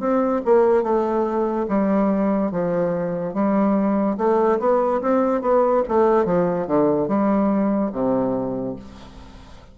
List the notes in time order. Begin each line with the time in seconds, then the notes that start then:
0.00 C4
0.45 A#3
0.83 A3
1.69 G3
2.52 F3
3.34 G3
4.17 A3
4.59 B3
5.02 C4
5.41 B3
5.88 A3
6.25 F3
6.67 D3
7.08 G3
7.92 C3